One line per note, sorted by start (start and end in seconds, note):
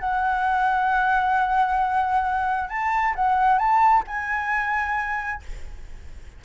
0.00 2.69 F#5
2.69 3.15 A5
3.15 3.58 F#5
3.58 4.04 A5
4.07 5.43 G#5